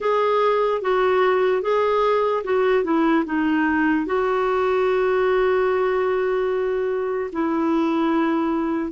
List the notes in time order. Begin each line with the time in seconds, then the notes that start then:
0.00 G#4
0.81 F#4
1.62 G#4
2.44 F#4
2.84 E4
3.25 D#4
4.05 F#4
7.32 E4